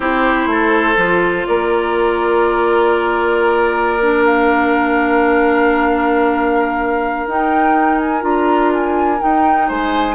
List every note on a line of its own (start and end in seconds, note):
0.00 0.46 C4
0.00 0.96 E4
0.00 0.48 G4
0.00 1.46 C5
0.46 0.94 A3
0.46 1.48 A4
0.97 1.45 F3
0.97 4.00 F4
1.46 7.26 A#3
1.46 9.67 A#4
1.46 4.24 D5
4.01 7.28 D4
4.25 7.27 F5
7.26 8.22 D#4
7.26 8.20 D#4
7.26 7.98 G5
7.98 8.22 G#5
8.20 9.19 D4
8.20 9.17 F4
8.20 8.71 A#5
8.72 9.20 G#5
9.19 10.15 D#4
9.19 9.70 D#4
9.19 9.69 G5
9.67 10.15 G#3
9.67 10.15 C5
9.67 10.15 G#5